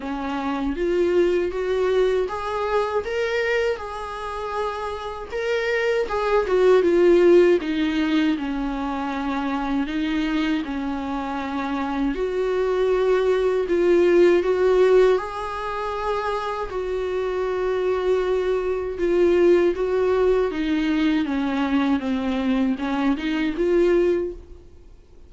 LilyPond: \new Staff \with { instrumentName = "viola" } { \time 4/4 \tempo 4 = 79 cis'4 f'4 fis'4 gis'4 | ais'4 gis'2 ais'4 | gis'8 fis'8 f'4 dis'4 cis'4~ | cis'4 dis'4 cis'2 |
fis'2 f'4 fis'4 | gis'2 fis'2~ | fis'4 f'4 fis'4 dis'4 | cis'4 c'4 cis'8 dis'8 f'4 | }